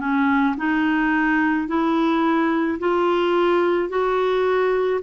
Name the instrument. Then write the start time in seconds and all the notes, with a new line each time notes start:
clarinet
0.00 C#4
0.58 D#4
1.68 E4
2.80 F4
3.90 F#4